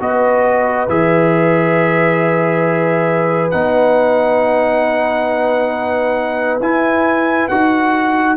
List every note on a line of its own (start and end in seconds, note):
0.00 0.89 B3
0.00 0.88 F#4
0.00 8.37 B4
0.00 0.89 D#5
0.89 3.53 E3
0.89 3.53 G#4
0.89 3.51 E5
3.51 6.60 B3
3.51 6.61 D#4
3.51 6.60 F#5
6.60 7.49 E4
6.60 7.51 E4
6.60 7.48 G#5
7.48 8.37 D#4
7.48 8.37 F#4
7.48 8.37 F#5